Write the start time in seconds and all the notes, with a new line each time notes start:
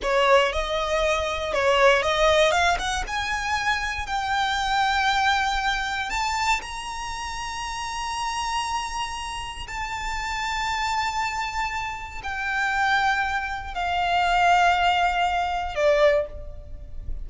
0.02 C#5
0.52 D#5
1.53 C#5
2.02 D#5
2.51 F5
2.78 F#5
3.07 G#5
4.06 G5
6.09 A5
6.61 A#5
9.67 A5
12.23 G5
13.74 F5
15.75 D5